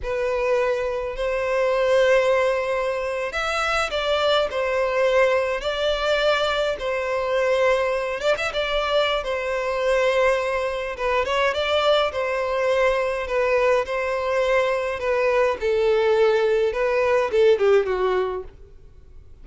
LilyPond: \new Staff \with { instrumentName = "violin" } { \time 4/4 \tempo 4 = 104 b'2 c''2~ | c''4.~ c''16 e''4 d''4 c''16~ | c''4.~ c''16 d''2 c''16~ | c''2~ c''16 d''16 e''16 d''4~ d''16 |
c''2. b'8 cis''8 | d''4 c''2 b'4 | c''2 b'4 a'4~ | a'4 b'4 a'8 g'8 fis'4 | }